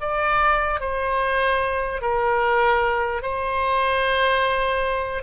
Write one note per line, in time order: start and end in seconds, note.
0.00 0.80 D5
0.80 2.01 C5
2.01 3.22 A#4
3.22 5.23 C5